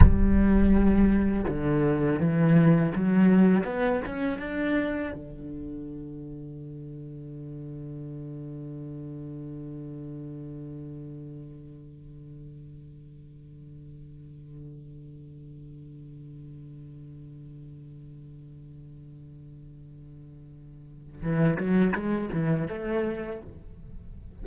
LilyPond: \new Staff \with { instrumentName = "cello" } { \time 4/4 \tempo 4 = 82 g2 d4 e4 | fis4 b8 cis'8 d'4 d4~ | d1~ | d1~ |
d1~ | d1~ | d1~ | d4 e8 fis8 gis8 e8 a4 | }